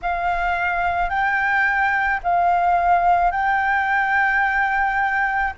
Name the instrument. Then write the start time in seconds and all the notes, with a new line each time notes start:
flute
0.02 F5
1.09 G5
2.23 F5
3.31 G5